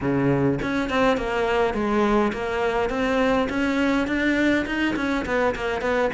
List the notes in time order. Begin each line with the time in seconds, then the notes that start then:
0.01 C#3
0.62 C#4
0.89 C4
1.17 A#3
1.73 G#3
2.32 A#3
2.89 C4
3.49 C#4
4.07 D4
4.66 D#4
4.96 C#4
5.25 B3
5.55 A#3
5.81 B3